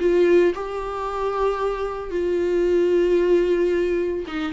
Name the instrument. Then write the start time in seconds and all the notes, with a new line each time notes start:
viola
0.00 F4
0.55 G4
2.11 F4
4.28 D#4